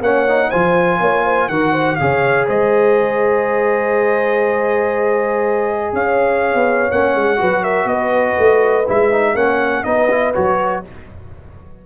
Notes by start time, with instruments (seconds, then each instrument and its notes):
0.00 tuba A#3, trombone C#4, horn C#5, trumpet F#5
0.28 trombone D#4
0.50 tuba F3, trombone F4, horn C5, trumpet G#5
1.00 tuba A#3, horn C#5
1.24 horn C5
1.49 tuba D#3, trombone F#4, horn A#4, trumpet F#5
1.72 horn C5
1.95 tuba C#3, trombone G#4, horn C#5, trumpet F5
2.47 tuba G#3, horn C5, trumpet D#5
5.93 tuba C#4, horn C#5, trumpet F5
6.54 tuba B3
6.91 tuba A#3, trombone C#4, trumpet F#5
7.15 tuba G#3
7.36 tuba F#3, trombone F#4, horn B4
7.62 horn A#4, trumpet E5
7.85 tuba B3, horn B4, trumpet D#5
8.38 tuba A3
8.87 tuba G#3, trombone E4, trumpet E5
9.12 trombone D#4
9.34 tuba A#3, trombone C#4, horn C#5, trumpet F#5
9.84 tuba B3, trombone D#4, horn B4, trumpet D#5
10.11 trombone E4
10.34 tuba F#3, trombone F#4, trumpet C#5